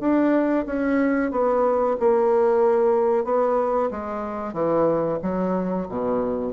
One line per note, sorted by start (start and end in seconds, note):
0.00 0.65 D4
0.66 1.31 C#4
1.31 1.96 B3
1.99 3.24 A#3
3.24 3.90 B3
3.91 4.53 G#3
4.53 5.18 E3
5.22 5.88 F#3
5.89 6.53 B2